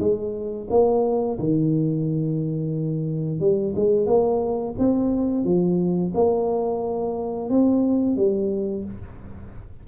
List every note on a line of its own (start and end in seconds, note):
0.00 0.68 G#3
0.70 1.39 A#3
1.39 3.41 D#3
3.41 3.75 G3
3.76 4.07 G#3
4.07 4.75 A#3
4.79 5.45 C4
5.45 6.13 F3
6.15 7.50 A#3
7.50 8.17 C4
8.17 8.85 G3